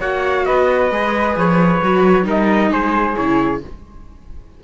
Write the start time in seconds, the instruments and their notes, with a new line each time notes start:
0.00 cello A#3, viola F#4, flute C#5, trumpet F#5
0.46 cello B3, flute B4, trumpet D#5
0.91 cello G#3, viola G#4
1.36 cello F3, trumpet C#5
1.82 cello F#3, viola F#4
2.24 cello G3, viola D#4, flute A#4
2.30 trumpet D#5
2.71 cello G#3, flute G#4, trumpet C5
3.17 cello C#3, viola E4, trumpet C#5